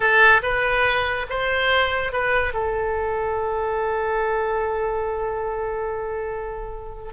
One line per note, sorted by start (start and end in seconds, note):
0.00 0.41 A4
0.42 1.26 B4
1.29 2.12 C5
2.12 2.53 B4
2.53 7.13 A4